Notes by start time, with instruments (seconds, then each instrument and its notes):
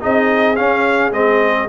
0.00 tuba C4, trombone D#4, horn G#4, trumpet D#5
0.56 trombone C#4, tuba C#4, trumpet F5
1.11 tuba G#3, trombone C4, trumpet D#5